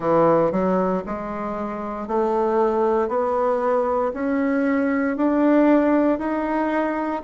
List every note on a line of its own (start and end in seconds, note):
0.00 0.51 E3
0.51 1.03 F#3
1.06 2.07 G#3
2.07 3.08 A3
3.08 4.11 B3
4.13 5.17 C#4
5.17 6.18 D4
6.18 7.22 D#4